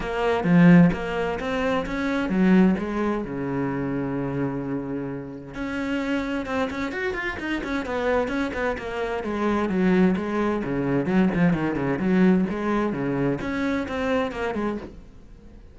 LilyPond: \new Staff \with { instrumentName = "cello" } { \time 4/4 \tempo 4 = 130 ais4 f4 ais4 c'4 | cis'4 fis4 gis4 cis4~ | cis1 | cis'2 c'8 cis'8 fis'8 f'8 |
dis'8 cis'8 b4 cis'8 b8 ais4 | gis4 fis4 gis4 cis4 | fis8 f8 dis8 cis8 fis4 gis4 | cis4 cis'4 c'4 ais8 gis8 | }